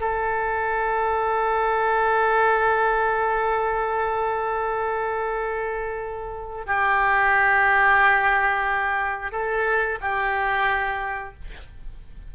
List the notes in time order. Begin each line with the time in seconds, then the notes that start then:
0.00 A4
6.66 G4
9.32 A4
10.01 G4